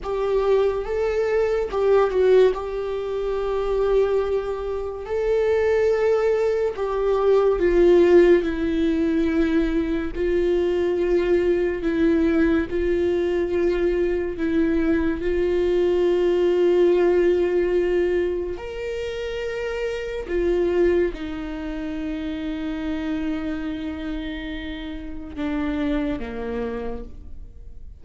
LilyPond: \new Staff \with { instrumentName = "viola" } { \time 4/4 \tempo 4 = 71 g'4 a'4 g'8 fis'8 g'4~ | g'2 a'2 | g'4 f'4 e'2 | f'2 e'4 f'4~ |
f'4 e'4 f'2~ | f'2 ais'2 | f'4 dis'2.~ | dis'2 d'4 ais4 | }